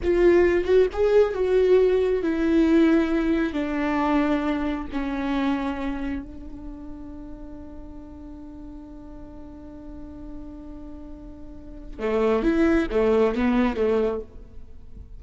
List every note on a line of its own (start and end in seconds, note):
0.03 0.64 F4
0.64 0.86 F#4
0.92 1.33 G#4
1.33 2.22 F#4
2.23 3.53 E4
3.53 4.86 D4
4.92 6.22 C#4
6.22 11.99 D4
11.99 12.42 A3
12.42 12.87 E4
12.91 13.34 A3
13.34 13.76 B3
13.76 14.20 A3